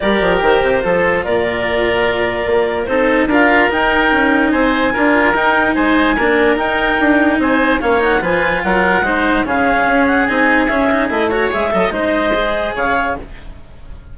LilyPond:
<<
  \new Staff \with { instrumentName = "clarinet" } { \time 4/4 \tempo 4 = 146 d''4 c''2 d''4~ | d''2. c''4 | f''4 g''2 gis''4~ | gis''4 g''4 gis''2 |
g''2 gis''4 f''8 fis''8 | gis''4 fis''2 f''4~ | f''8 fis''8 gis''4 e''4 dis''8 cis''8 | e''4 dis''2 f''4 | }
  \new Staff \with { instrumentName = "oboe" } { \time 4/4 ais'2 a'4 ais'4~ | ais'2. a'4 | ais'2. c''4 | ais'2 c''4 ais'4~ |
ais'2 c''4 cis''4 | b'4 ais'4 c''4 gis'4~ | gis'2.~ gis'8 cis''8~ | cis''8 dis''8 c''2 cis''4 | }
  \new Staff \with { instrumentName = "cello" } { \time 4/4 g'2 f'2~ | f'2. dis'4 | f'4 dis'2. | f'4 dis'2 d'4 |
dis'2. cis'8 dis'8 | f'2 dis'4 cis'4~ | cis'4 dis'4 cis'8 dis'8 e'8 fis'8 | gis'8 a'8 dis'4 gis'2 | }
  \new Staff \with { instrumentName = "bassoon" } { \time 4/4 g8 f8 dis8 c8 f4 ais,4~ | ais,2 ais4 c'4 | d'4 dis'4 cis'4 c'4 | d'4 dis'4 gis4 ais4 |
dis'4 d'4 c'4 ais4 | f4 fis4 gis4 cis4 | cis'4 c'4 cis'4 a4 | gis8 fis8 gis2 cis4 | }
>>